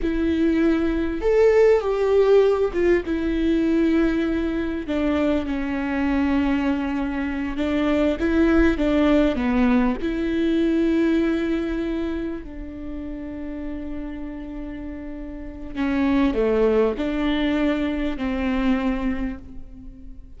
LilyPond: \new Staff \with { instrumentName = "viola" } { \time 4/4 \tempo 4 = 99 e'2 a'4 g'4~ | g'8 f'8 e'2. | d'4 cis'2.~ | cis'8 d'4 e'4 d'4 b8~ |
b8 e'2.~ e'8~ | e'8 d'2.~ d'8~ | d'2 cis'4 a4 | d'2 c'2 | }